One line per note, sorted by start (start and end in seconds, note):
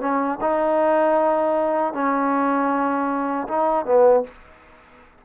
0.00 0.38 C#4
0.41 1.93 D#4
1.93 3.47 C#4
3.48 3.85 D#4
3.85 4.24 B3